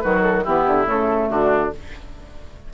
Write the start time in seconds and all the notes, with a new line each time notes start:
0.00 D#3 F#3 F#4 B4
0.22 A4
0.44 E3 B3 E4 G4
0.67 D3
0.86 C#3 A3 A4
1.30 D3 D4 F#4